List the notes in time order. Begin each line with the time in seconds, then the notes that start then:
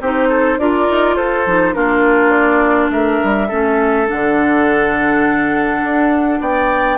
0.00 C4 D#4 G4 C5
0.28 A4
0.58 D4 F4 A#4 D5
0.90 D#4
1.16 F4 A4 C5
1.46 F3 D#4
1.74 A#3 D4 F4 A#4
2.30 D5
2.90 A3 A#4 E5
3.24 G3
3.48 A3 C#4 A4
4.07 D3 D4 F#5
5.84 D4
6.41 B3 D5 G5